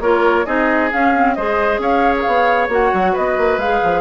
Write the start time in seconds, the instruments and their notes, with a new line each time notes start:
0.00 bassoon A#3, clarinet F4, oboe A#4, flute C#5
0.46 bassoon C4, clarinet D#4, oboe G#4, flute D#5
0.91 clarinet C#4, bassoon C#4, flute F5
1.15 clarinet C4
1.35 bassoon G#3, clarinet G#4, oboe C5, flute D#5
1.79 bassoon C#4, oboe C#5, flute F5
2.17 flute A#4 F5
2.27 bassoon B3
2.69 bassoon A#3, clarinet F#4, flute F#5
2.94 bassoon F#3
3.13 bassoon B3, oboe B4, flute D#5
3.38 bassoon A#3
3.58 bassoon G#3, clarinet G#4, flute F5
3.84 bassoon F3